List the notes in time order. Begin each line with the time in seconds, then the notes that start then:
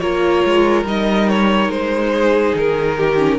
0.00 A#3 F4 A#4 C#5
0.45 G#3
0.84 G3 D#4 D#5
1.29 C#5
1.69 G#3 C5
2.14 G#4
2.55 D#3 A#4
2.98 G4
3.18 C#4